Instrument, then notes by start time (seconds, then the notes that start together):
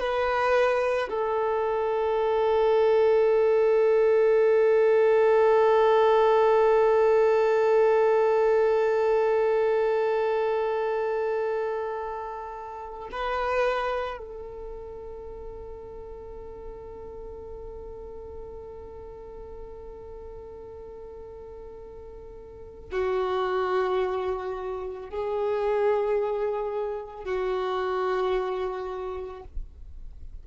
violin
0.00 B4
1.10 A4
13.12 B4
14.18 A4
22.92 F#4
25.10 G#4
27.25 F#4